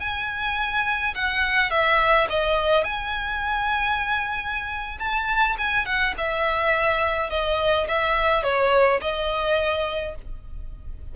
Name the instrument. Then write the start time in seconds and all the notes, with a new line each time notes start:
violin
0.00 G#5
1.15 F#5
1.70 E5
2.30 D#5
2.84 G#5
4.99 A5
5.58 G#5
5.85 F#5
6.18 E5
7.30 D#5
7.88 E5
8.43 C#5
9.01 D#5